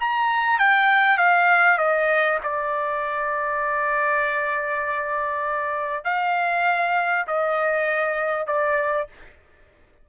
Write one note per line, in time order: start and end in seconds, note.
0.00 0.59 A#5
0.59 1.18 G5
1.18 1.78 F5
1.78 2.39 D#5
2.43 6.05 D5
6.05 7.26 F5
7.28 8.47 D#5
8.47 9.08 D5